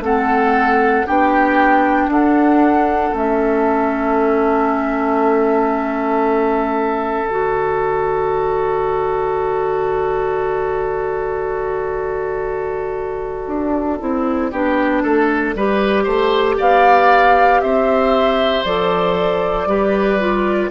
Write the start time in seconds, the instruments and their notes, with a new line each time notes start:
0.00 bassoon A3, clarinet C4, oboe A4, flute F#5
1.06 bassoon B3, clarinet D4, oboe G4, flute G5
2.07 bassoon D4, oboe A4, flute F#5
3.12 bassoon A3, clarinet C#4, flute E5
7.25 bassoon D3, clarinet F#4, flute D5
13.47 bassoon D4
14.00 bassoon C4, clarinet E4
14.51 bassoon B3, clarinet D4, oboe G4
15.03 bassoon A3, oboe A4
15.55 bassoon G3, clarinet G4, oboe B4
16.04 bassoon A3, oboe C5
16.58 bassoon B3, oboe D5, flute F5
17.61 bassoon C4, oboe C5, flute E5
18.64 bassoon F3, clarinet A4, flute D5
19.66 bassoon G3, clarinet G4, oboe B4
20.19 clarinet F4